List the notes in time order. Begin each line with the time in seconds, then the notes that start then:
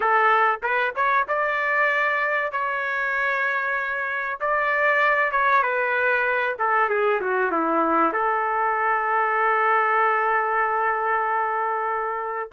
0.00 A4
0.62 B4
0.95 C#5
1.28 D5
2.51 C#5
4.40 D5
5.31 C#5
5.62 B4
6.58 A4
6.89 G#4
7.20 F#4
7.51 E4
8.12 A4